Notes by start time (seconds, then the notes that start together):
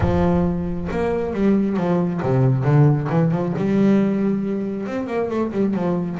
0.00 F3
0.91 A#3
1.33 G3
1.76 F3
2.23 C3
2.64 D3
3.09 E3
3.31 F3
3.57 G3
4.86 C4
5.07 A#3
5.29 A3
5.51 G3
5.74 F3